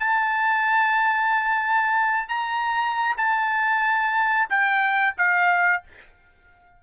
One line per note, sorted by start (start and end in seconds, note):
0.00 2.29 A5
2.29 3.16 A#5
3.18 4.49 A5
4.50 5.16 G5
5.18 5.84 F5